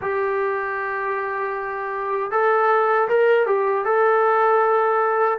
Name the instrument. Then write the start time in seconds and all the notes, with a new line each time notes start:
trombone
0.01 G4
2.31 A4
3.08 A#4
3.46 G4
3.84 A4